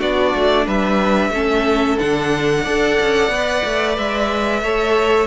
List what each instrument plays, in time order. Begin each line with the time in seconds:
0.00 cello B3, viola D4, violin F#4 D5
0.35 cello A3
0.66 cello G3, violin B4 E5
1.30 cello A3, viola C#4, violin A4
1.99 cello D3, viola D4, violin F#5
2.63 cello D4, viola A4, violin D5
3.01 cello C#4
3.29 cello B3, viola B4
3.65 cello A3
3.98 cello G#3, violin E5
4.62 cello A3, viola A4, violin C#5